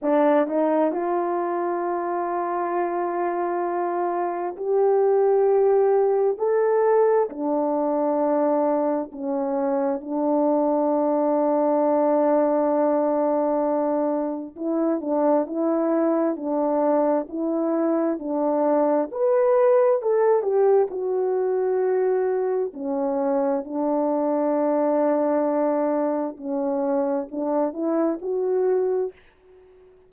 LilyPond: \new Staff \with { instrumentName = "horn" } { \time 4/4 \tempo 4 = 66 d'8 dis'8 f'2.~ | f'4 g'2 a'4 | d'2 cis'4 d'4~ | d'1 |
e'8 d'8 e'4 d'4 e'4 | d'4 b'4 a'8 g'8 fis'4~ | fis'4 cis'4 d'2~ | d'4 cis'4 d'8 e'8 fis'4 | }